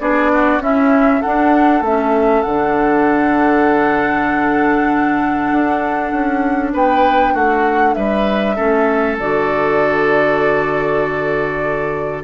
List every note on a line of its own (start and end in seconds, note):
0.00 0.59 B3
0.00 0.61 D4
0.00 0.32 G#4
0.00 0.61 D5
0.33 0.62 F#4
0.59 1.20 C#4
0.59 1.23 C#4
0.59 1.21 E4
0.59 1.22 E5
1.21 1.84 D4
1.21 1.81 D4
1.21 6.72 A4
1.21 1.83 F#5
1.81 2.42 A3
1.81 2.46 C#4
1.81 2.42 E5
2.42 5.51 D3
2.42 8.57 D4
2.42 6.71 F#5
5.51 6.12 D4
6.12 6.73 C#4
6.73 7.34 B3
6.73 7.34 B4
6.73 7.36 G5
7.34 7.95 A3
7.34 7.95 F#4
7.34 7.94 F#5
7.94 8.57 G3
7.94 8.56 B4
7.94 9.16 E5
8.56 9.20 A3
8.56 9.18 C#4
8.56 12.23 A4
9.19 12.24 D3
9.19 12.24 F#4
9.19 12.24 D5